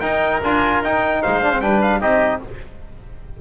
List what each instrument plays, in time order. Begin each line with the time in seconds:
0.00 trombone D#4, double bass D#4, oboe A#4, trumpet G5
0.43 double bass D4, trombone F4, trumpet G#5
0.83 double bass D#4, trombone D#4, trumpet G5
1.22 double bass G#3, oboe C5, trumpet F5
1.43 trombone D4
1.53 trombone C4
1.61 double bass G3, trombone D4, oboe B4, trumpet G5
1.81 trumpet F5
2.00 double bass C4, trombone D#4, oboe G4, trumpet D#5